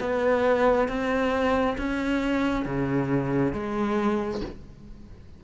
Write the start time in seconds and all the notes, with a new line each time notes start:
0.00 B3
0.88 C4
1.78 C#4
2.66 C#3
3.53 G#3